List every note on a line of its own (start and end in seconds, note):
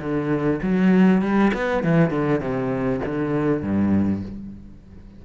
0.00 0.60 D3
0.62 1.21 F#3
1.21 1.51 G3
1.54 1.83 B3
1.83 2.10 E3
2.10 2.40 D3
2.40 3.00 C3
3.05 3.62 D3
3.62 4.22 G2